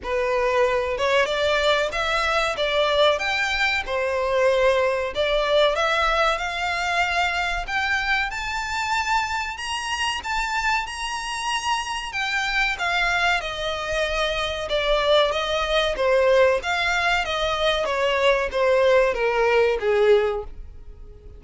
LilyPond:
\new Staff \with { instrumentName = "violin" } { \time 4/4 \tempo 4 = 94 b'4. cis''8 d''4 e''4 | d''4 g''4 c''2 | d''4 e''4 f''2 | g''4 a''2 ais''4 |
a''4 ais''2 g''4 | f''4 dis''2 d''4 | dis''4 c''4 f''4 dis''4 | cis''4 c''4 ais'4 gis'4 | }